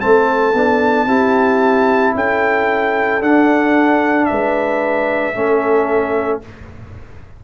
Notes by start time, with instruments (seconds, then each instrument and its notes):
0.00 tuba A3, trombone C4, horn A4, trumpet A5
0.54 tuba B3, trombone D4
1.06 tuba C4, trombone E4, horn G4
2.15 tuba C#4, horn A4, trumpet G5
3.21 tuba D4, trombone D4, trumpet F#5
4.25 horn B4, trumpet E5
4.32 tuba G#3
5.35 tuba A3, trombone C#4, horn A4